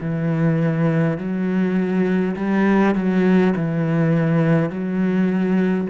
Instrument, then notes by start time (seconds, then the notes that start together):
cello
0.00 E3
1.17 F#3
2.36 G3
2.95 F#3
3.56 E3
4.70 F#3